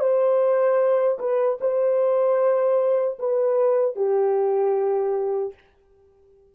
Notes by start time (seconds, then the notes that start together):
0.00 C5
1.19 B4
1.61 C5
3.19 B4
3.96 G4